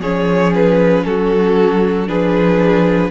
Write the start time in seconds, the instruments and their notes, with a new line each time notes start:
0.00 cello F3, viola C#4, violin G#4 C#5
0.54 violin B4
1.05 cello F#3, violin F#4 A4
2.07 cello F3, viola D4, violin G#4 B4